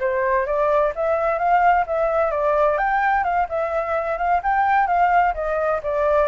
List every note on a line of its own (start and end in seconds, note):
0.00 0.47 C5
0.47 0.93 D5
0.96 1.39 E5
1.39 1.85 F5
1.87 2.31 E5
2.31 2.78 D5
2.78 3.24 G5
3.24 3.47 F5
3.49 4.18 E5
4.18 4.41 F5
4.43 4.87 G5
4.87 5.34 F5
5.34 5.81 D#5
5.83 6.28 D5